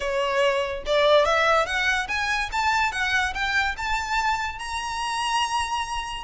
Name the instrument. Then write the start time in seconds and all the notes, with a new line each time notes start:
violin
0.00 C#5
0.86 D5
1.25 E5
1.66 F#5
2.07 G#5
2.52 A5
2.92 F#5
3.34 G5
3.77 A5
4.59 A#5